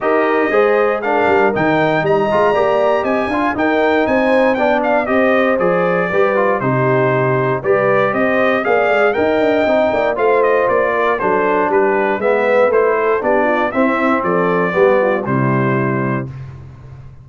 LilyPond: <<
  \new Staff \with { instrumentName = "trumpet" } { \time 4/4 \tempo 4 = 118 dis''2 f''4 g''4 | ais''2 gis''4 g''4 | gis''4 g''8 f''8 dis''4 d''4~ | d''4 c''2 d''4 |
dis''4 f''4 g''2 | f''8 dis''8 d''4 c''4 b'4 | e''4 c''4 d''4 e''4 | d''2 c''2 | }
  \new Staff \with { instrumentName = "horn" } { \time 4/4 ais'4 c''4 ais'2 | dis''4 d''4 dis''8 f''8 ais'4 | c''4 d''4 c''2 | b'4 g'2 b'4 |
c''4 d''4 dis''4. d''8 | c''4. ais'8 a'4 g'4 | b'4. a'8 g'8 f'8 e'4 | a'4 g'8 f'8 e'2 | }
  \new Staff \with { instrumentName = "trombone" } { \time 4/4 g'4 gis'4 d'4 dis'4~ | dis'8 f'8 g'4. f'8 dis'4~ | dis'4 d'4 g'4 gis'4 | g'8 f'8 dis'2 g'4~ |
g'4 gis'4 ais'4 dis'4 | f'2 d'2 | b4 e'4 d'4 c'4~ | c'4 b4 g2 | }
  \new Staff \with { instrumentName = "tuba" } { \time 4/4 dis'4 gis4. g8 dis4 | g8 gis8 ais4 c'8 d'8 dis'4 | c'4 b4 c'4 f4 | g4 c2 g4 |
c'4 ais8 gis8 dis'8 d'8 c'8 ais8 | a4 ais4 fis4 g4 | gis4 a4 b4 c'4 | f4 g4 c2 | }
>>